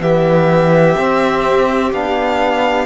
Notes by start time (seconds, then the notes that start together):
0.00 E3 B3 G4 E5
0.97 C4
1.93 B3 D4 F5